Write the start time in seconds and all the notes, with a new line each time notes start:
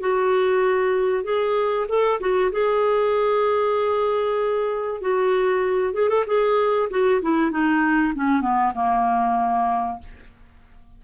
0.00 F#4
1.24 G#4
1.88 A4
2.20 F#4
2.52 G#4
5.01 F#4
5.94 G#4
6.09 A4
6.26 G#4
6.90 F#4
7.22 E4
7.51 D#4
8.15 C#4
8.41 B3
8.74 A#3